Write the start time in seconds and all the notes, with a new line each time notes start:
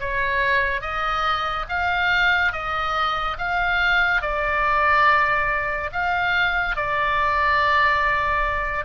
0.00 C#5
0.81 D#5
1.69 F5
2.53 D#5
3.38 F5
4.21 D5
5.93 F5
6.76 D5